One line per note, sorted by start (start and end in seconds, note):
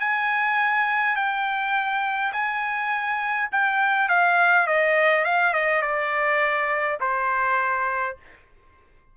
0.00 1.16 G#5
1.16 2.32 G5
2.32 3.49 G#5
3.52 4.09 G5
4.09 4.67 F5
4.67 5.25 D#5
5.25 5.53 F5
5.53 5.82 D#5
5.82 6.98 D5
7.00 8.17 C5